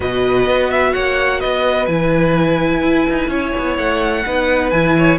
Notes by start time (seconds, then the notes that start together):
0.00 B2 F#4 B4 D#5
0.47 B3
0.70 E5
0.93 A#3 C#5 F#5
1.40 B3 B4 D#5
1.86 E3 E4 G#5
2.82 E4
3.09 D#4
3.28 C#4 C#5
3.58 B3
3.78 A3 F#5
4.25 B3 D#4 B4
4.70 E3 E4 G#5
4.98 C#5